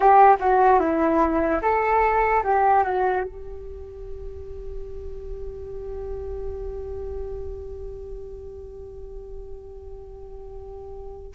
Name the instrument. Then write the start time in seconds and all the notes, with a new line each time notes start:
flute
0.00 G4
0.39 F#4
0.79 E4
1.61 A4
2.43 G4
2.83 F#4
3.23 G4